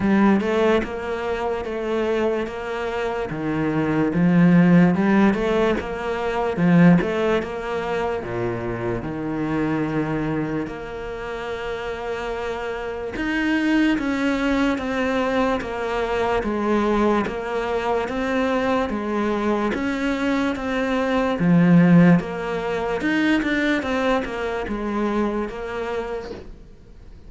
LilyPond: \new Staff \with { instrumentName = "cello" } { \time 4/4 \tempo 4 = 73 g8 a8 ais4 a4 ais4 | dis4 f4 g8 a8 ais4 | f8 a8 ais4 ais,4 dis4~ | dis4 ais2. |
dis'4 cis'4 c'4 ais4 | gis4 ais4 c'4 gis4 | cis'4 c'4 f4 ais4 | dis'8 d'8 c'8 ais8 gis4 ais4 | }